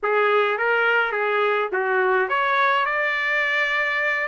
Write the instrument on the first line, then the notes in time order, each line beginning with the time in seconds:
trumpet
0.02 G#4
0.58 A#4
1.12 G#4
1.72 F#4
2.28 C#5
2.85 D5